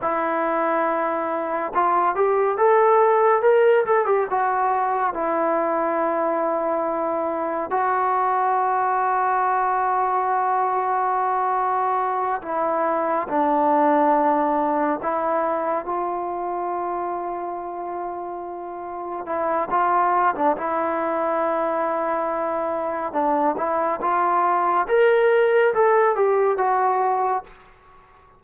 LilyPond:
\new Staff \with { instrumentName = "trombone" } { \time 4/4 \tempo 4 = 70 e'2 f'8 g'8 a'4 | ais'8 a'16 g'16 fis'4 e'2~ | e'4 fis'2.~ | fis'2~ fis'8 e'4 d'8~ |
d'4. e'4 f'4.~ | f'2~ f'8 e'8 f'8. d'16 | e'2. d'8 e'8 | f'4 ais'4 a'8 g'8 fis'4 | }